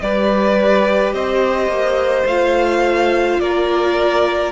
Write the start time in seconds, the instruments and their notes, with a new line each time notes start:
0.00 cello G3, viola G4, violin B4 D5
1.14 cello C4, violin C5 D#5
1.67 cello A#3
2.26 cello A3, viola F4, violin F5
3.39 cello A#3, violin A#4 D5